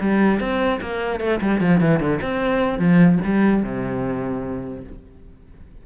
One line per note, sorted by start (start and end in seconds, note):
0.00 0.40 G3
0.40 0.80 C4
0.81 1.20 A#3
1.20 1.40 A3
1.41 1.60 G3
1.60 1.80 F3
1.80 2.00 E3
2.00 2.20 D3
2.21 2.78 C4
2.78 3.19 F3
3.24 3.62 G3
3.62 4.83 C3